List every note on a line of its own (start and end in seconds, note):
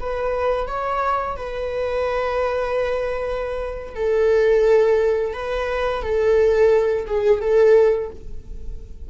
0.00 0.67 B4
0.67 1.36 C#5
1.37 3.95 B4
3.95 5.33 A4
5.34 6.03 B4
6.03 7.06 A4
7.06 7.41 G#4
7.41 8.10 A4